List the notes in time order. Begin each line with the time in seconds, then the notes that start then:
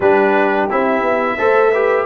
0.00 G3 D4 G4 B4
0.70 C4 E4 E5
1.01 B3
1.38 A3 A4 C5
1.71 G4 B4